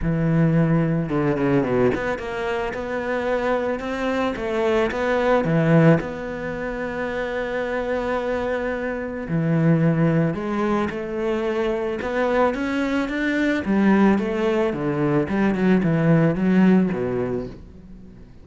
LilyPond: \new Staff \with { instrumentName = "cello" } { \time 4/4 \tempo 4 = 110 e2 d8 cis8 b,8 b8 | ais4 b2 c'4 | a4 b4 e4 b4~ | b1~ |
b4 e2 gis4 | a2 b4 cis'4 | d'4 g4 a4 d4 | g8 fis8 e4 fis4 b,4 | }